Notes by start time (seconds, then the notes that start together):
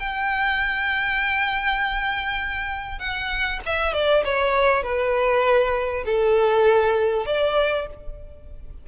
0.00 G5
2.99 F#5
3.66 E5
3.94 D5
4.25 C#5
4.83 B4
6.06 A4
7.26 D5